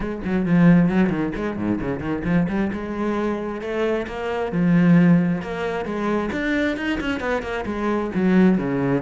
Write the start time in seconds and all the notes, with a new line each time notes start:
0.00 G#3
0.24 F#3
0.45 F3
0.89 F#3
1.09 D#3
1.35 G#3
1.57 G#2
1.80 C#3
2.00 D#3
2.24 F3
2.48 G3
2.73 G#3
3.61 A3
4.07 A#3
4.51 F3
5.41 A#3
5.85 G#3
6.32 D4
6.76 D#4
7.00 C#4
7.20 B3
7.42 A#3
7.65 G#3
8.14 F#3
8.58 C#3